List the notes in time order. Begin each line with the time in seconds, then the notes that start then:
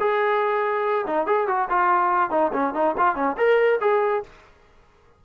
0.00 G#4
1.07 D#4
1.26 G#4
1.48 F#4
1.69 F4
2.30 D#4
2.53 C#4
2.74 D#4
2.98 F4
3.15 C#4
3.37 A#4
3.81 G#4